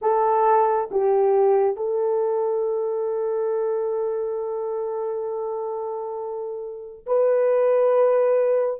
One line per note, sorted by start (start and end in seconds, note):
0.01 0.89 A4
0.91 1.76 G4
1.76 7.05 A4
7.06 8.80 B4